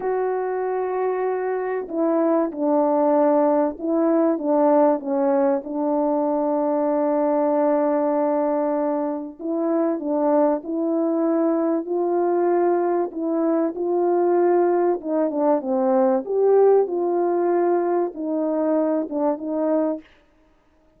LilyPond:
\new Staff \with { instrumentName = "horn" } { \time 4/4 \tempo 4 = 96 fis'2. e'4 | d'2 e'4 d'4 | cis'4 d'2.~ | d'2. e'4 |
d'4 e'2 f'4~ | f'4 e'4 f'2 | dis'8 d'8 c'4 g'4 f'4~ | f'4 dis'4. d'8 dis'4 | }